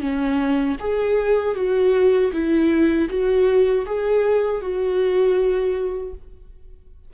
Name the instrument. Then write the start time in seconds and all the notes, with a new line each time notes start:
viola
0.00 C#4
0.79 G#4
1.55 F#4
2.32 E4
3.09 F#4
3.86 G#4
4.61 F#4